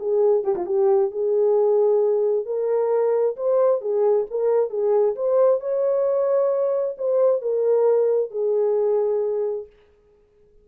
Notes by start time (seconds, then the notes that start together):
0.00 G#4
0.44 G4
0.56 F4
0.67 G4
1.12 G#4
2.46 A#4
3.37 C5
3.82 G#4
4.31 A#4
4.70 G#4
5.16 C5
5.61 C#5
6.98 C5
7.42 A#4
8.31 G#4